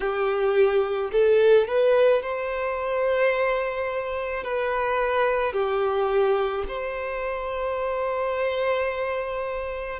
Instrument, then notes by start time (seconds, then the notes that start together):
violin
0.00 G4
1.12 A4
1.67 B4
2.22 C5
4.43 B4
5.53 G4
6.68 C5